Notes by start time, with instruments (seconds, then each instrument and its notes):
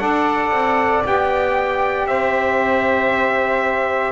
0.00 double bass D4, saxophone A4, flute D5, trumpet F#5
0.52 double bass C4
1.04 double bass B3, saxophone G4, trumpet G5
2.07 double bass C4, flute C5, trumpet E5